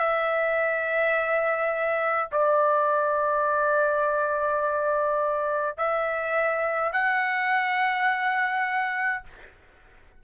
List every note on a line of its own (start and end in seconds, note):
0.00 2.31 E5
2.32 5.78 D5
5.78 6.93 E5
6.93 9.24 F#5